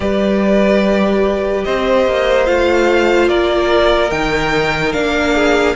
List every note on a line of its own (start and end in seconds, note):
0.00 1.64 G3
0.00 2.45 G4
0.00 1.65 B4
0.00 1.64 D5
1.64 2.07 C4
1.64 3.29 C5
1.64 2.46 D#5
2.07 2.48 A#3
2.45 3.28 A3
2.45 4.10 F4
2.45 3.28 F5
3.28 4.11 A#3
3.28 5.34 A#4
3.28 4.10 D5
4.10 4.93 D#3
4.10 4.93 D#4
4.10 4.92 G5
4.92 5.75 A#3
4.92 5.75 D4
4.92 5.74 F5
5.34 5.75 G#4